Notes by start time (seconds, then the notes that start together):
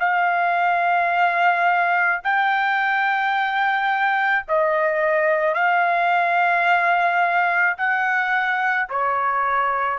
0.00 F5
2.24 G5
4.48 D#5
5.55 F5
7.78 F#5
8.90 C#5